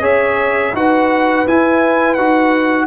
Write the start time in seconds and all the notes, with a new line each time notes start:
0.00 C#4 G#4 C#5 E5
0.73 D#4 F#4 B4 F#5
1.47 E4 G#5
2.14 D#4 F#4 F#5